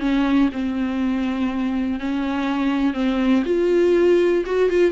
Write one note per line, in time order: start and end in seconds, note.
0.00 0.50 C#4
0.53 2.00 C4
2.00 2.94 C#4
2.94 3.44 C4
3.46 4.45 F4
4.46 4.70 F#4
4.70 4.92 F4